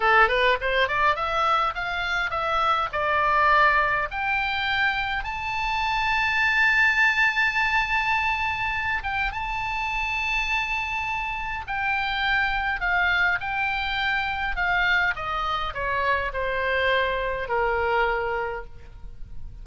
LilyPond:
\new Staff \with { instrumentName = "oboe" } { \time 4/4 \tempo 4 = 103 a'8 b'8 c''8 d''8 e''4 f''4 | e''4 d''2 g''4~ | g''4 a''2.~ | a''2.~ a''8 g''8 |
a''1 | g''2 f''4 g''4~ | g''4 f''4 dis''4 cis''4 | c''2 ais'2 | }